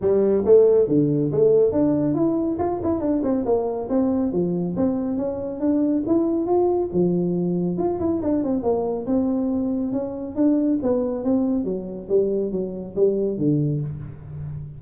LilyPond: \new Staff \with { instrumentName = "tuba" } { \time 4/4 \tempo 4 = 139 g4 a4 d4 a4 | d'4 e'4 f'8 e'8 d'8 c'8 | ais4 c'4 f4 c'4 | cis'4 d'4 e'4 f'4 |
f2 f'8 e'8 d'8 c'8 | ais4 c'2 cis'4 | d'4 b4 c'4 fis4 | g4 fis4 g4 d4 | }